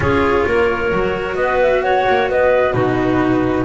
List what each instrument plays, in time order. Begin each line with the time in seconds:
0.00 double bass C#4, cello F4, clarinet G#4, flute C#5
0.46 double bass A#3, clarinet A#4
0.92 double bass F#3, cello F#4
1.35 double bass B3, clarinet B4, flute D#5
1.61 flute E5
1.82 clarinet C#5, flute F#5
2.08 double bass A#3
2.29 double bass B3, clarinet B4, flute D#5
2.72 double bass B2, cello D#4, clarinet F#4, flute B4